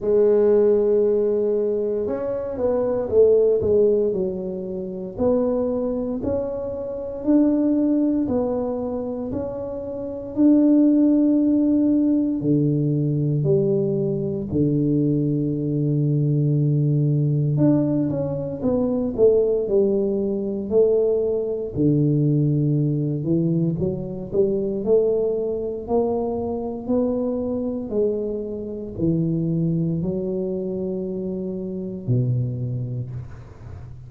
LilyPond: \new Staff \with { instrumentName = "tuba" } { \time 4/4 \tempo 4 = 58 gis2 cis'8 b8 a8 gis8 | fis4 b4 cis'4 d'4 | b4 cis'4 d'2 | d4 g4 d2~ |
d4 d'8 cis'8 b8 a8 g4 | a4 d4. e8 fis8 g8 | a4 ais4 b4 gis4 | e4 fis2 b,4 | }